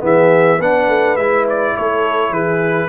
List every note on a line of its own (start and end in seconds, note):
0.00 0.59 E3
0.00 0.58 B3
0.00 0.58 G#4
0.00 0.61 E5
0.58 0.88 B3
0.58 1.18 D4
0.58 1.74 B4
0.58 1.16 F#5
0.88 1.16 A3
1.16 1.74 G#3
1.16 2.89 E4
1.16 1.45 E5
1.49 1.76 D5
1.76 2.29 A3
1.76 2.33 A4
1.76 2.33 C#5
2.29 2.87 E3
2.29 2.89 G#4
2.29 2.89 B4